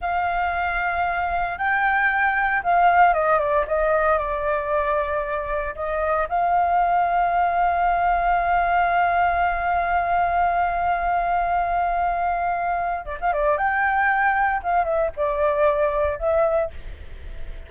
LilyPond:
\new Staff \with { instrumentName = "flute" } { \time 4/4 \tempo 4 = 115 f''2. g''4~ | g''4 f''4 dis''8 d''8 dis''4 | d''2. dis''4 | f''1~ |
f''1~ | f''1~ | f''4 d''16 f''16 d''8 g''2 | f''8 e''8 d''2 e''4 | }